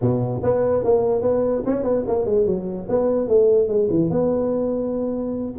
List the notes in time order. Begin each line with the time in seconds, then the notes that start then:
0.01 B2
0.43 B3
0.84 A#3
1.21 B3
1.66 C#4
1.83 B3
2.07 A#3
2.25 G#3
2.46 F#3
2.88 B3
3.28 A3
3.68 G#3
3.89 E3
4.09 B3